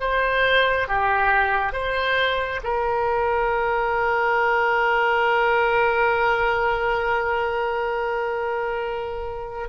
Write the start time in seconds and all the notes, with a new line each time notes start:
0.00 C5
0.88 G4
1.72 C5
2.63 A#4